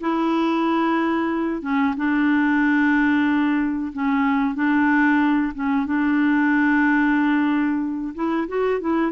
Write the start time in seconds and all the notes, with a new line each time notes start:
0.00 E4
1.61 C#4
1.96 D4
3.92 C#4
4.54 D4
5.54 C#4
5.85 D4
8.15 E4
8.48 F#4
8.80 E4